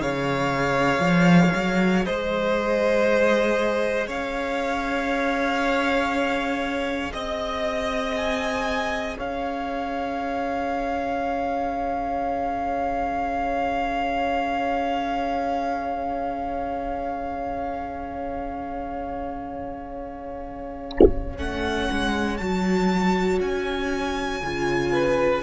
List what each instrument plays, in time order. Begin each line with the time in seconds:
0.00 cello C#3, viola G#4, violin C#5 F5
0.99 cello F3
1.55 cello F#3
2.05 cello G#3, violin C5 D#5
4.07 cello C#4, violin C#5 F5
7.12 cello C4, violin D#5
8.16 violin G#5
9.17 cello C#4, violin C#5 F5
21.36 cello A3, viola C#4, violin F#5
21.91 cello G#3
22.37 cello F#3, viola F#4, violin A5
23.40 cello C#4, violin G#5
24.42 cello C#3, viola F4
24.92 violin B4